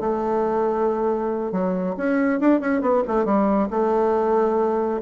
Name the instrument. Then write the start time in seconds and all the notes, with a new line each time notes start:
bassoon
0.00 A3
1.52 F#3
1.97 C#4
2.40 D4
2.60 C#4
2.81 B3
3.07 A3
3.25 G3
3.70 A3